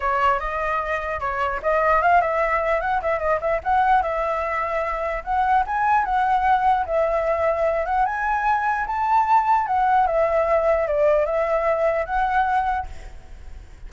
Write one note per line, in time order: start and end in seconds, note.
0.00 0.39 C#5
0.39 1.20 D#5
1.20 1.60 C#5
1.62 2.02 D#5
2.02 2.21 F5
2.21 2.81 E5
2.81 3.01 F#5
3.02 3.19 E5
3.19 3.39 D#5
3.40 3.60 E5
3.63 4.02 F#5
4.02 5.23 E5
5.23 5.64 F#5
5.66 6.05 G#5
6.05 6.85 F#5
6.86 7.85 E5
7.85 8.05 F#5
8.05 8.86 G#5
8.86 9.66 A5
9.66 10.06 F#5
10.06 10.87 E5
10.87 11.25 D5
11.25 12.05 E5
12.05 12.86 F#5